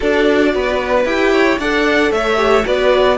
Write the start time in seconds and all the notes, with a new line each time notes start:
0.00 D4 F#4 A4 D5
0.54 B3 B4
1.05 E4 G4 G5
1.32 C#5
1.58 D4 A4 D5 F#5
2.11 A3 C#5 E5
2.36 G4
2.64 B3 F#4 B4 D5